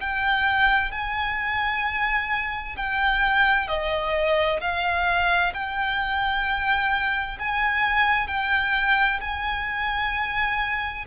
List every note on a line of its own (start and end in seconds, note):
0.00 0.91 G5
0.91 2.76 G#5
2.77 3.68 G5
3.68 4.60 D#5
4.60 5.53 F5
5.53 7.38 G5
7.39 8.27 G#5
8.27 9.19 G5
9.21 11.05 G#5